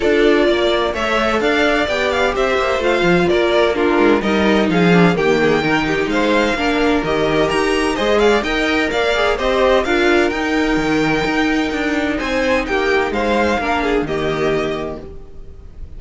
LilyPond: <<
  \new Staff \with { instrumentName = "violin" } { \time 4/4 \tempo 4 = 128 d''2 e''4 f''4 | g''8 f''8 e''4 f''4 d''4 | ais'4 dis''4 f''4 g''4~ | g''4 f''2 dis''4 |
ais''4 dis''8 f''8 g''4 f''4 | dis''4 f''4 g''2~ | g''2 gis''4 g''4 | f''2 dis''2 | }
  \new Staff \with { instrumentName = "violin" } { \time 4/4 a'4 d''4 cis''4 d''4~ | d''4 c''2 ais'4 | f'4 ais'4 gis'4 g'8 gis'8 | ais'8 g'8 c''4 ais'2~ |
ais'4 c''8 d''8 dis''4 d''4 | c''4 ais'2.~ | ais'2 c''4 g'4 | c''4 ais'8 gis'8 g'2 | }
  \new Staff \with { instrumentName = "viola" } { \time 4/4 f'2 a'2 | g'2 f'2 | d'4 dis'4. d'8 ais4 | dis'2 d'4 g'4~ |
g'4 gis'4 ais'4. gis'8 | g'4 f'4 dis'2~ | dis'1~ | dis'4 d'4 ais2 | }
  \new Staff \with { instrumentName = "cello" } { \time 4/4 d'4 ais4 a4 d'4 | b4 c'8 ais8 a8 f8 ais4~ | ais8 gis8 g4 f4 dis4~ | dis4 gis4 ais4 dis4 |
dis'4 gis4 dis'4 ais4 | c'4 d'4 dis'4 dis4 | dis'4 d'4 c'4 ais4 | gis4 ais4 dis2 | }
>>